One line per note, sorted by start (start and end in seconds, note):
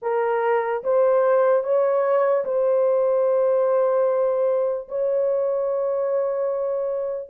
0.01 0.83 A#4
0.83 1.63 C5
1.63 2.44 C#5
2.44 4.88 C5
4.88 7.29 C#5